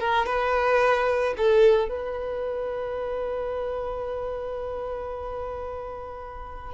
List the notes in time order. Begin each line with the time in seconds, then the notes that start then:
0.00 A#4
0.26 B4
1.37 A4
1.89 B4